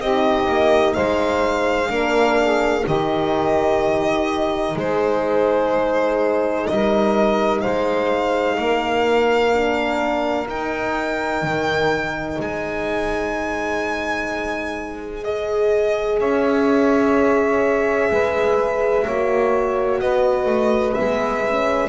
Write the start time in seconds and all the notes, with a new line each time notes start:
0.00 C4 D#4 G4 D#5
0.49 A#3
0.94 G#3 C5 F5
1.87 A#3 D4 A#4
2.41 G#4
2.84 D#3 D#4 G4 D#5
4.76 G#3 G#4 C5
6.67 G3 A#4 D#5
7.61 G#3 C5 F5
8.58 A#3 A#4
9.53 D4
10.48 D#4 G5
11.42 D#3
12.38 G#3 C5 G#5
15.24 G#4 D#5
16.19 C#4 C#5 E5
18.11 G#3 B4
19.05 A#3 F#4 C#5
20.01 B3 B4 D#5
20.46 A3
20.94 G#3 B3 E5
21.47 C#4